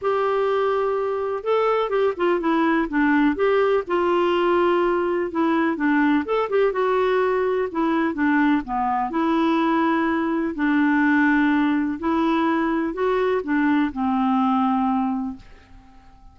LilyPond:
\new Staff \with { instrumentName = "clarinet" } { \time 4/4 \tempo 4 = 125 g'2. a'4 | g'8 f'8 e'4 d'4 g'4 | f'2. e'4 | d'4 a'8 g'8 fis'2 |
e'4 d'4 b4 e'4~ | e'2 d'2~ | d'4 e'2 fis'4 | d'4 c'2. | }